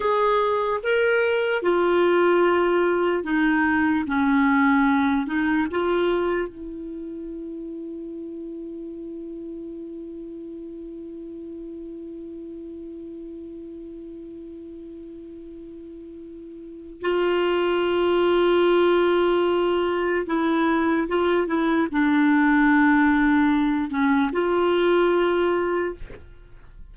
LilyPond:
\new Staff \with { instrumentName = "clarinet" } { \time 4/4 \tempo 4 = 74 gis'4 ais'4 f'2 | dis'4 cis'4. dis'8 f'4 | e'1~ | e'1~ |
e'1~ | e'4 f'2.~ | f'4 e'4 f'8 e'8 d'4~ | d'4. cis'8 f'2 | }